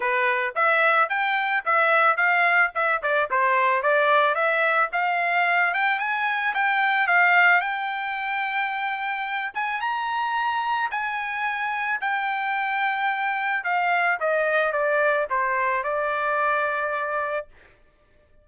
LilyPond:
\new Staff \with { instrumentName = "trumpet" } { \time 4/4 \tempo 4 = 110 b'4 e''4 g''4 e''4 | f''4 e''8 d''8 c''4 d''4 | e''4 f''4. g''8 gis''4 | g''4 f''4 g''2~ |
g''4. gis''8 ais''2 | gis''2 g''2~ | g''4 f''4 dis''4 d''4 | c''4 d''2. | }